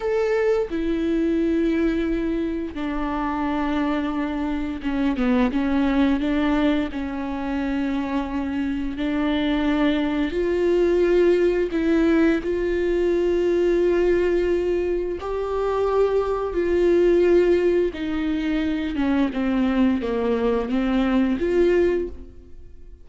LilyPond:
\new Staff \with { instrumentName = "viola" } { \time 4/4 \tempo 4 = 87 a'4 e'2. | d'2. cis'8 b8 | cis'4 d'4 cis'2~ | cis'4 d'2 f'4~ |
f'4 e'4 f'2~ | f'2 g'2 | f'2 dis'4. cis'8 | c'4 ais4 c'4 f'4 | }